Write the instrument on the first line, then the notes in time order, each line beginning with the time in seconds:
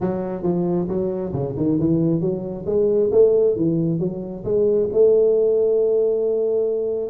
tuba
0.00 F#3
0.43 F3
0.87 F#3
1.33 C#3
1.56 D#3
1.79 E3
2.21 F#3
2.65 G#3
3.11 A3
3.56 E3
3.99 F#3
4.44 G#3
4.92 A3